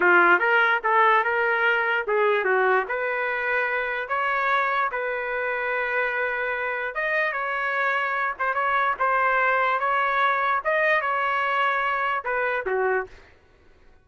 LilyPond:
\new Staff \with { instrumentName = "trumpet" } { \time 4/4 \tempo 4 = 147 f'4 ais'4 a'4 ais'4~ | ais'4 gis'4 fis'4 b'4~ | b'2 cis''2 | b'1~ |
b'4 dis''4 cis''2~ | cis''8 c''8 cis''4 c''2 | cis''2 dis''4 cis''4~ | cis''2 b'4 fis'4 | }